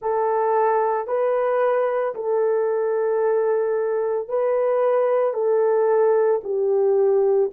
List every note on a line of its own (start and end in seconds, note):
0.01 1.07 A4
1.07 2.14 B4
2.14 4.28 A4
4.28 5.33 B4
5.33 6.40 A4
6.43 7.50 G4